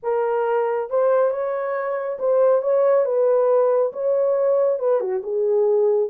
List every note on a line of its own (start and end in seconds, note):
0.02 0.89 A#4
0.90 1.30 C5
1.30 2.17 C#5
2.19 2.62 C5
2.62 3.05 C#5
3.05 3.92 B4
3.92 4.79 C#5
4.79 5.00 B4
5.00 5.22 F#4
5.23 6.09 G#4